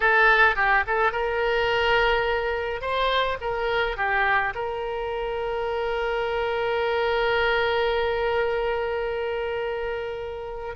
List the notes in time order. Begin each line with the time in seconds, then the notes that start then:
0.00 A4
0.55 G4
0.86 A4
1.11 A#4
2.81 C5
3.40 A#4
3.96 G4
4.54 A#4